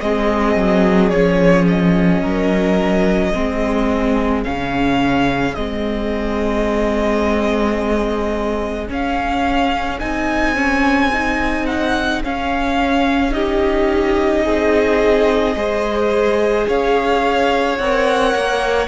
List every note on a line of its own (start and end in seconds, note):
0.00 0.55 G#3
0.00 1.12 C4
0.00 2.22 G#4
0.00 1.09 D#5
0.55 1.11 F#3
1.09 2.22 F3
1.09 3.33 C#4
1.09 1.65 C#5
1.68 4.43 D#5
2.22 3.33 F#3
2.22 3.31 A#4
3.31 4.45 G#3
3.31 4.44 C4
3.31 13.31 G#4
4.43 5.56 C#3
4.43 5.56 C#4
4.43 5.54 F5
5.54 8.89 G#3
5.54 8.87 C4
5.54 8.88 D#5
8.87 9.99 C#4
8.87 10.00 C#4
8.87 9.99 F5
9.99 12.24 C4
9.99 10.55 D#4
9.99 11.66 G#5
10.55 11.10 C#4
11.13 12.24 D#4
11.66 12.21 F#5
12.24 13.31 C#4
12.24 14.46 C#4
12.24 13.33 F5
13.31 15.53 D#4
13.31 14.44 G4
13.31 16.66 D#5
14.44 15.55 C4
14.44 15.56 G#4
15.55 16.66 G#3
15.55 17.78 G#4
15.55 16.67 C5
16.67 17.78 C#4
16.67 18.87 C#5
16.67 17.78 F5
17.78 18.34 C4
17.78 18.87 A#4
17.78 18.87 F#5
18.34 18.87 A#3